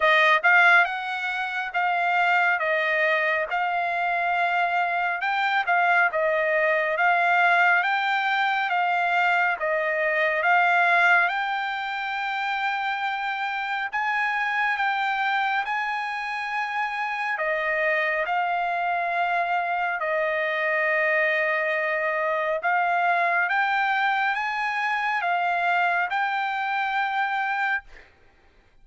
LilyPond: \new Staff \with { instrumentName = "trumpet" } { \time 4/4 \tempo 4 = 69 dis''8 f''8 fis''4 f''4 dis''4 | f''2 g''8 f''8 dis''4 | f''4 g''4 f''4 dis''4 | f''4 g''2. |
gis''4 g''4 gis''2 | dis''4 f''2 dis''4~ | dis''2 f''4 g''4 | gis''4 f''4 g''2 | }